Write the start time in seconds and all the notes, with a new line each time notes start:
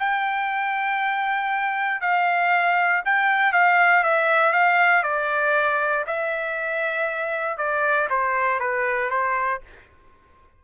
0.00 G5
2.01 F5
3.05 G5
3.53 F5
4.04 E5
4.53 F5
5.04 D5
6.07 E5
7.58 D5
8.10 C5
8.60 B4
9.11 C5